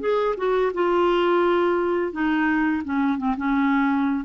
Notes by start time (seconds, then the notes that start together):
0.00 G#4
0.37 F#4
0.73 F4
2.12 D#4
2.84 C#4
3.17 C4
3.37 C#4